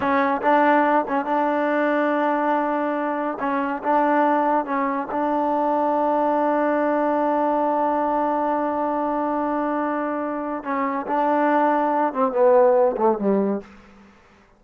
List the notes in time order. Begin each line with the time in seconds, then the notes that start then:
0.00 C#4
0.41 D4
1.08 C#4
1.25 D4
3.39 C#4
3.83 D4
4.65 C#4
5.11 D4
10.63 C#4
11.06 D4
12.13 C4
12.32 B3
12.97 A3
13.18 G3